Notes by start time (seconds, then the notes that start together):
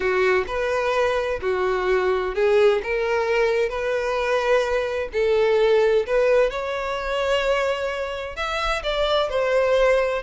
0.00 F#4
0.47 B4
1.41 F#4
2.35 G#4
2.83 A#4
3.69 B4
5.13 A4
6.06 B4
6.50 C#5
8.36 E5
8.83 D5
9.29 C5